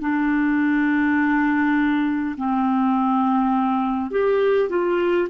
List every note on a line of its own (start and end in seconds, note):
0.00 2.35 D4
2.37 4.11 C4
4.11 4.69 G4
4.69 5.28 F4